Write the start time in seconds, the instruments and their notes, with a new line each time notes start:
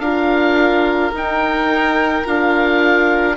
0.00 bassoon D4, horn F4, violin A#4, oboe F5
1.14 bassoon D#4, horn D#4, oboe G5
2.25 bassoon D4, horn F4, oboe F5